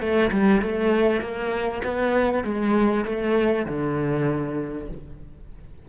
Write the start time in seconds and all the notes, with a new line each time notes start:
0.00 A3
0.31 G3
0.62 A3
1.21 A#3
1.83 B3
2.44 G#3
3.05 A3
3.66 D3